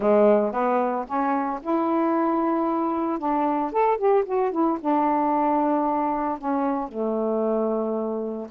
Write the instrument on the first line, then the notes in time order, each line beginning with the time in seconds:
saxophone
0.00 G#3
0.52 B3
1.07 C#4
1.62 E4
3.18 D4
3.72 A4
3.97 G4
4.25 F#4
4.51 E4
4.80 D4
6.38 C#4
6.88 A3